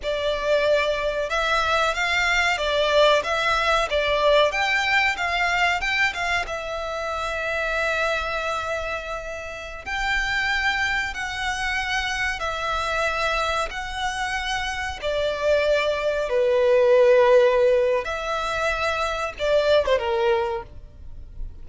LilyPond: \new Staff \with { instrumentName = "violin" } { \time 4/4 \tempo 4 = 93 d''2 e''4 f''4 | d''4 e''4 d''4 g''4 | f''4 g''8 f''8 e''2~ | e''2.~ e''16 g''8.~ |
g''4~ g''16 fis''2 e''8.~ | e''4~ e''16 fis''2 d''8.~ | d''4~ d''16 b'2~ b'8. | e''2 d''8. c''16 ais'4 | }